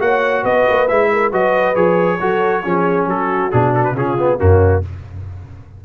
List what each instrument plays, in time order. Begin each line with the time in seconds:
0.00 tuba A#3, trombone F#4, horn C#5, trumpet F#5
0.43 tuba B3, horn B4, trumpet D#5
0.69 tuba A#3
0.88 tuba G#3, trombone E4, trumpet E5
1.12 horn A#4
1.31 tuba F#3, trombone F#4, horn B4, trumpet D#5
1.75 tuba F3, trombone G#4, trumpet C#5
2.20 tuba F#3, trombone F#4, horn A4
2.64 tuba F3, trombone C#4, horn G#4
3.07 tuba F#3, horn F#4, trumpet A4
3.51 tuba B2, trombone D4, trumpet G#4
3.75 trumpet A4
3.85 trumpet B4
3.93 tuba C#3, trombone C#4, horn F4, trumpet G#4
4.19 trombone B3
4.38 tuba F#2, trombone A#3, horn C#4, trumpet F#4